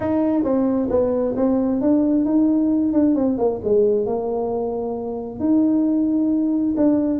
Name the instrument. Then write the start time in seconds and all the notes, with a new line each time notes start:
tuba
0.00 D#4
0.43 C4
0.90 B3
1.36 C4
1.81 D4
2.25 D#4
2.93 D4
3.15 C4
3.38 A#3
3.63 G#3
4.05 A#3
5.39 D#4
6.76 D4